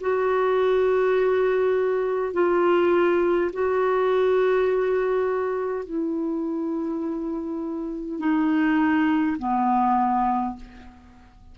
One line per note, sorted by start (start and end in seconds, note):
0.00 2.33 F#4
2.33 3.50 F4
3.52 5.85 F#4
5.85 8.19 E4
8.19 9.36 D#4
9.38 10.56 B3